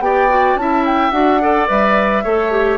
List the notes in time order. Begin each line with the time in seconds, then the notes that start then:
0.00 B3 G4 D5 G5
0.30 F#4
0.56 C#4 E4 E5 A5
0.86 G5
1.11 D4 F#4 F#5
1.41 A4 D5
1.68 G3 B4 E5
2.24 A3 A4 C#5
2.51 G4